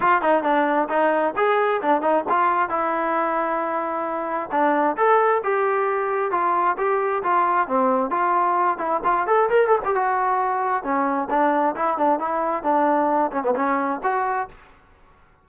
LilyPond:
\new Staff \with { instrumentName = "trombone" } { \time 4/4 \tempo 4 = 133 f'8 dis'8 d'4 dis'4 gis'4 | d'8 dis'8 f'4 e'2~ | e'2 d'4 a'4 | g'2 f'4 g'4 |
f'4 c'4 f'4. e'8 | f'8 a'8 ais'8 a'16 g'16 fis'2 | cis'4 d'4 e'8 d'8 e'4 | d'4. cis'16 b16 cis'4 fis'4 | }